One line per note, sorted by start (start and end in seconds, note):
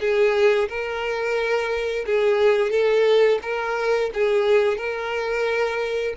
0.00 0.68 G#4
0.69 2.05 A#4
2.06 2.71 G#4
2.71 3.39 A4
3.42 4.11 A#4
4.14 4.78 G#4
4.78 6.14 A#4